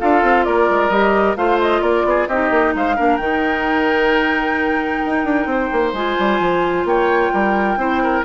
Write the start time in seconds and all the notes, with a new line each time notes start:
0.00 D4 F4 A4 F5
0.23 C4
0.45 A#3 A#4 D5
0.70 G#3
0.90 G3 G4 D#5
1.37 A3 F4 C5 F5
1.61 D#5
1.82 A#3 A#4 D5
2.05 B3 G#4
2.28 C4 D#4 G4 D#5
2.51 A#3
2.75 G#3 C5 F5
2.96 A#3 D4 A#4
3.17 D#3 D#4 G5
5.06 D#4
5.25 D4
5.46 C4 C5
5.72 A#3
5.94 G#3 F4 G#5
6.19 G3
6.40 F3
6.85 A#3 C#5 G5
7.33 G3 A#4
7.77 C4 E4 C5
8.03 A#4